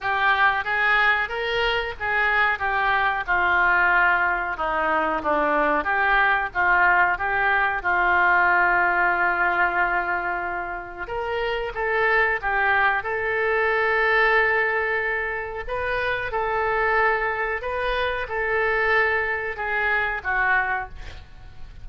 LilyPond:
\new Staff \with { instrumentName = "oboe" } { \time 4/4 \tempo 4 = 92 g'4 gis'4 ais'4 gis'4 | g'4 f'2 dis'4 | d'4 g'4 f'4 g'4 | f'1~ |
f'4 ais'4 a'4 g'4 | a'1 | b'4 a'2 b'4 | a'2 gis'4 fis'4 | }